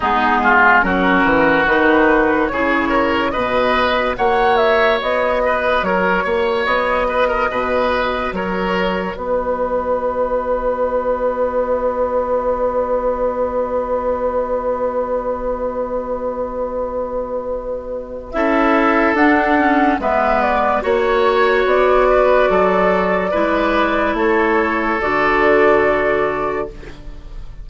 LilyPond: <<
  \new Staff \with { instrumentName = "flute" } { \time 4/4 \tempo 4 = 72 gis'4 ais'4 b'4 cis''4 | dis''4 fis''8 e''8 dis''4 cis''4 | dis''2 cis''4 dis''4~ | dis''1~ |
dis''1~ | dis''2 e''4 fis''4 | e''8 d''8 cis''4 d''2~ | d''4 cis''4 d''2 | }
  \new Staff \with { instrumentName = "oboe" } { \time 4/4 dis'8 f'8 fis'2 gis'8 ais'8 | b'4 cis''4. b'8 ais'8 cis''8~ | cis''8 b'16 ais'16 b'4 ais'4 b'4~ | b'1~ |
b'1~ | b'2 a'2 | b'4 cis''4. b'8 a'4 | b'4 a'2. | }
  \new Staff \with { instrumentName = "clarinet" } { \time 4/4 b4 cis'4 dis'4 e'4 | fis'1~ | fis'1~ | fis'1~ |
fis'1~ | fis'2 e'4 d'8 cis'8 | b4 fis'2. | e'2 fis'2 | }
  \new Staff \with { instrumentName = "bassoon" } { \time 4/4 gis4 fis8 e8 dis4 cis4 | b,4 ais4 b4 fis8 ais8 | b4 b,4 fis4 b4~ | b1~ |
b1~ | b2 cis'4 d'4 | gis4 ais4 b4 fis4 | gis4 a4 d2 | }
>>